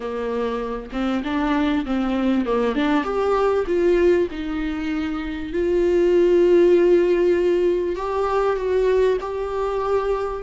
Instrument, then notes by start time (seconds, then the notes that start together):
viola
0.00 A#3
0.92 C4
1.24 D4
1.85 C4
2.45 A#3
2.75 D4
3.04 G4
3.67 F4
4.30 D#4
5.52 F4
7.95 G4
8.56 F#4
9.20 G4